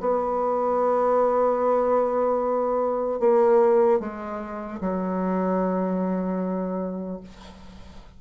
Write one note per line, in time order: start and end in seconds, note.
0.00 3.20 B3
3.20 4.00 A#3
4.00 4.80 G#3
4.80 7.20 F#3